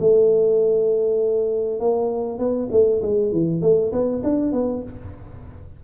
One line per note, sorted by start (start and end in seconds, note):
0.00 1.80 A3
1.80 2.39 A#3
2.39 2.69 B3
2.71 3.02 A3
3.02 3.32 G#3
3.32 3.61 E3
3.61 3.92 A3
3.92 4.22 B3
4.24 4.53 D4
4.53 4.83 B3